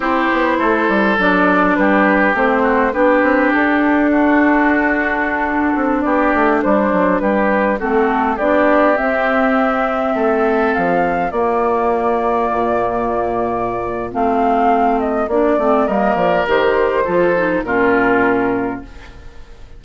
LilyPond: <<
  \new Staff \with { instrumentName = "flute" } { \time 4/4 \tempo 4 = 102 c''2 d''4 b'4 | c''4 b'4 a'2~ | a'2~ a'16 d''4 c''8.~ | c''16 b'4 a'4 d''4 e''8.~ |
e''2~ e''16 f''4 d''8.~ | d''1 | f''4. dis''8 d''4 dis''8 d''8 | c''2 ais'2 | }
  \new Staff \with { instrumentName = "oboe" } { \time 4/4 g'4 a'2 g'4~ | g'8 fis'8 g'2 fis'4~ | fis'2~ fis'16 g'4 d'8.~ | d'16 g'4 fis'4 g'4.~ g'16~ |
g'4~ g'16 a'2 f'8.~ | f'1~ | f'2. ais'4~ | ais'4 a'4 f'2 | }
  \new Staff \with { instrumentName = "clarinet" } { \time 4/4 e'2 d'2 | c'4 d'2.~ | d'1~ | d'4~ d'16 c'4 d'4 c'8.~ |
c'2.~ c'16 ais8.~ | ais1 | c'2 d'8 c'8 ais4 | g'4 f'8 dis'8 cis'2 | }
  \new Staff \with { instrumentName = "bassoon" } { \time 4/4 c'8 b8 a8 g8 fis4 g4 | a4 b8 c'8 d'2~ | d'4.~ d'16 c'8 b8 a8 g8 fis16~ | fis16 g4 a4 b4 c'8.~ |
c'4~ c'16 a4 f4 ais8.~ | ais4~ ais16 ais,2~ ais,8. | a2 ais8 a8 g8 f8 | dis4 f4 ais,2 | }
>>